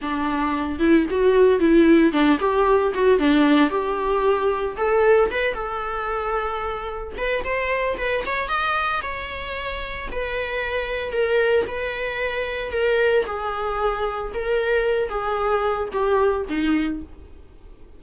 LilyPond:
\new Staff \with { instrumentName = "viola" } { \time 4/4 \tempo 4 = 113 d'4. e'8 fis'4 e'4 | d'8 g'4 fis'8 d'4 g'4~ | g'4 a'4 b'8 a'4.~ | a'4. b'8 c''4 b'8 cis''8 |
dis''4 cis''2 b'4~ | b'4 ais'4 b'2 | ais'4 gis'2 ais'4~ | ais'8 gis'4. g'4 dis'4 | }